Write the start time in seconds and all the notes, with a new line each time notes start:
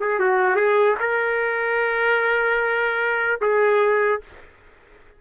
0.00 G#4
0.19 F#4
0.55 G#4
1.00 A#4
3.41 G#4